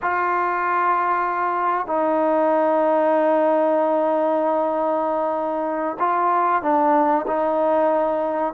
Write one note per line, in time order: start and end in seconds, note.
0.01 1.86 F4
1.86 5.97 D#4
5.99 6.62 F4
6.62 7.25 D4
7.27 8.53 D#4